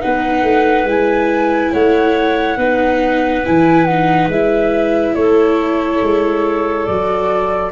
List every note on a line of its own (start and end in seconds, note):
0.00 0.42 B3
0.00 0.86 D#4
0.00 1.72 B4
0.00 0.87 F#5
0.42 0.84 A3
0.84 1.69 G#3
0.84 2.58 E4
0.84 1.73 G#5
1.72 2.57 A3
1.72 2.57 C#5
1.72 3.44 F#5
2.57 3.42 B3
2.57 3.44 D#4
2.57 5.14 B4
3.44 4.27 E3
3.44 3.87 E4
3.44 3.84 G#5
3.84 4.32 D#4
3.84 4.27 F#5
4.27 5.13 G#3
4.27 6.89 E4
4.27 5.14 E5
5.14 6.01 A3
5.14 7.71 A4
5.14 6.85 C#5
6.02 6.87 G#3
6.85 7.71 F#3
6.85 7.71 F#4
6.85 7.71 D5